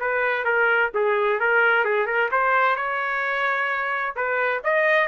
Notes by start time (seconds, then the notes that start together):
0.00 B4
0.45 A#4
0.94 G#4
1.40 A#4
1.85 G#4
2.06 A#4
2.32 C5
2.77 C#5
4.16 B4
4.64 D#5